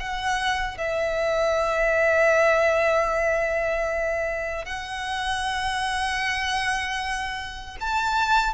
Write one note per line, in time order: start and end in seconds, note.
0.00 0.78 F#5
0.78 4.66 E5
4.66 7.77 F#5
7.81 8.54 A5